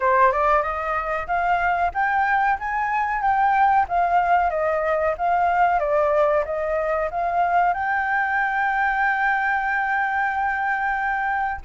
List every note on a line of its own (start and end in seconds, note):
0.00 0.31 C5
0.31 0.62 D5
0.62 1.26 D#5
1.27 1.91 F5
1.94 2.58 G5
2.59 3.21 G#5
3.21 3.86 G5
3.88 4.50 F5
4.50 5.14 D#5
5.17 5.79 F5
5.79 6.43 D5
6.45 7.09 D#5
7.11 7.73 F5
7.73 11.60 G5